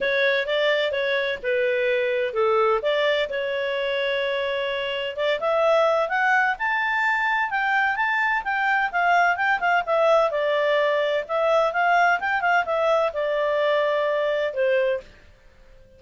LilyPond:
\new Staff \with { instrumentName = "clarinet" } { \time 4/4 \tempo 4 = 128 cis''4 d''4 cis''4 b'4~ | b'4 a'4 d''4 cis''4~ | cis''2. d''8 e''8~ | e''4 fis''4 a''2 |
g''4 a''4 g''4 f''4 | g''8 f''8 e''4 d''2 | e''4 f''4 g''8 f''8 e''4 | d''2. c''4 | }